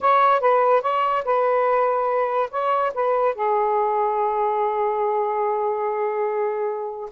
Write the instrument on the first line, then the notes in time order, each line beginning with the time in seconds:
saxophone
0.00 C#5
0.40 B4
0.81 C#5
1.24 B4
2.50 C#5
2.94 B4
3.34 G#4